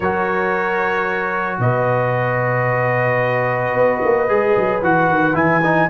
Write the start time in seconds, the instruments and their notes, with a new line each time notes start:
0.00 tuba F#3, trombone F#4, horn A#4, trumpet C#5
1.59 tuba B2, horn B4, trumpet D#5
3.73 tuba B3
4.04 tuba A#3
4.28 tuba G#3, trombone G#4
4.57 tuba F#3
4.82 tuba E3, trombone F#4, trumpet F#5
5.08 tuba D#3
5.33 tuba E3, trombone E4, trumpet G#5
5.63 trombone D#4